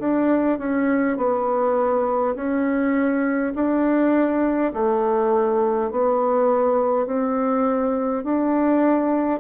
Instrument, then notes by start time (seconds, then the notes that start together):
bassoon
0.00 D4
0.59 C#4
1.18 B3
2.35 C#4
3.56 D4
4.74 A3
5.91 B3
7.06 C4
8.24 D4